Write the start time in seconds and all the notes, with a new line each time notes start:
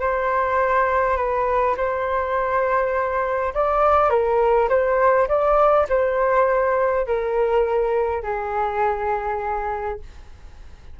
0.00 C5
1.16 B4
1.77 C5
3.54 D5
4.10 A#4
4.69 C5
5.28 D5
5.89 C5
7.06 A#4
8.23 G#4